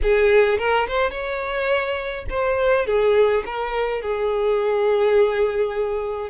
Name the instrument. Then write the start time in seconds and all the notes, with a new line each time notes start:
violin
0.02 G#4
0.58 A#4
0.87 C5
1.11 C#5
2.29 C5
2.86 G#4
3.45 A#4
4.01 G#4